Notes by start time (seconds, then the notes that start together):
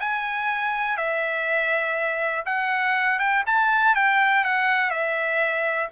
0.00 G#5
0.97 E5
2.46 F#5
3.19 G5
3.46 A5
3.95 G5
4.44 F#5
4.90 E5